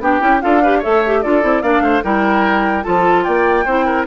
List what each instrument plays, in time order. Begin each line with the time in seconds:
0.00 bassoon B3, clarinet D4, oboe G4, flute G5
0.20 bassoon C#4, clarinet E4
0.41 bassoon D4, clarinet F4, oboe A4, flute F5
0.62 clarinet G4, oboe B4
0.79 clarinet A4, oboe C#5, flute E5
0.85 bassoon A3
1.06 clarinet G4
1.22 bassoon D4, clarinet F4, oboe A4, flute D5
1.42 bassoon C4, clarinet E4
1.62 bassoon A#3, clarinet D4, oboe D5, flute F5
1.80 bassoon A3, oboe C5
2.03 bassoon G3, clarinet E4, oboe A#4, flute G5
2.83 bassoon F3, clarinet F4, oboe A4, flute A5
3.24 bassoon A#3, oboe D5, flute G5
3.65 bassoon C4, clarinet E4, oboe C5
3.85 oboe A#4